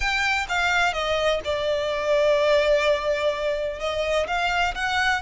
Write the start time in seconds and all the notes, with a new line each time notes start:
0.00 G5
0.49 F5
0.93 D#5
1.44 D5
3.79 D#5
4.27 F5
4.74 F#5